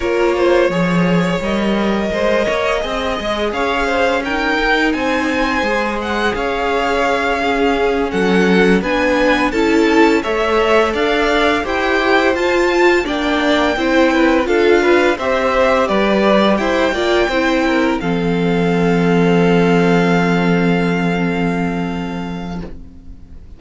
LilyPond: <<
  \new Staff \with { instrumentName = "violin" } { \time 4/4 \tempo 4 = 85 cis''2 dis''2~ | dis''4 f''4 g''4 gis''4~ | gis''8 fis''8 f''2~ f''8 fis''8~ | fis''8 gis''4 a''4 e''4 f''8~ |
f''8 g''4 a''4 g''4.~ | g''8 f''4 e''4 d''4 g''8~ | g''4. f''2~ f''8~ | f''1 | }
  \new Staff \with { instrumentName = "violin" } { \time 4/4 ais'8 c''8 cis''2 c''8 cis''8 | dis''4 cis''8 c''8 ais'4 c''4~ | c''4 cis''4. gis'4 a'8~ | a'8 b'4 a'4 cis''4 d''8~ |
d''8 c''2 d''4 c''8 | b'8 a'8 b'8 c''4 b'4 c''8 | d''8 c''8 ais'8 a'2~ a'8~ | a'1 | }
  \new Staff \with { instrumentName = "viola" } { \time 4/4 f'4 gis'4 ais'2 | gis'2 dis'2 | gis'2~ gis'8 cis'4.~ | cis'8 d'4 e'4 a'4.~ |
a'8 g'4 f'4 d'4 e'8~ | e'8 f'4 g'2~ g'8 | f'8 e'4 c'2~ c'8~ | c'1 | }
  \new Staff \with { instrumentName = "cello" } { \time 4/4 ais4 f4 g4 gis8 ais8 | c'8 gis8 cis'4. dis'8 c'4 | gis4 cis'2~ cis'8 fis8~ | fis8 b4 cis'4 a4 d'8~ |
d'8 e'4 f'4 ais4 c'8~ | c'8 d'4 c'4 g4 e'8 | ais8 c'4 f2~ f8~ | f1 | }
>>